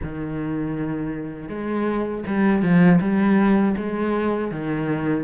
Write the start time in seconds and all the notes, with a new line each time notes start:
0.02 D#3
1.48 G#3
2.26 G3
2.62 F3
3.00 G3
3.77 G#3
4.51 D#3